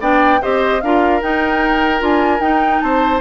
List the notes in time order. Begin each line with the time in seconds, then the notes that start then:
0.00 B3 D4 D5 G5
0.42 C4 G4 C5 D#5
0.82 D4 F4 A#4 F5
1.22 D#4 G5
1.99 D4 F4 G#5
2.40 D#4 G5
2.81 C4 C5 A5